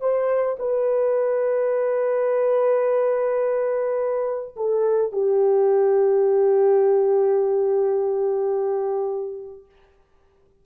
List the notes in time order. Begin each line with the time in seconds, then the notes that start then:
0.00 C5
0.59 B4
4.56 A4
5.12 G4